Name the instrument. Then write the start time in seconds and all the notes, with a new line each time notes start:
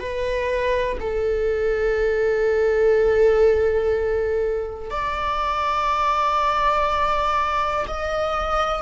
viola
0.00 B4
1.00 A4
4.91 D5
7.88 D#5